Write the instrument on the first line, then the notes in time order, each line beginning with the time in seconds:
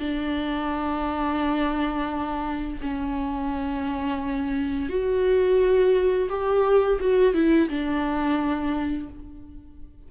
viola
0.00 D4
2.82 C#4
4.90 F#4
6.29 G4
7.00 F#4
7.34 E4
7.69 D4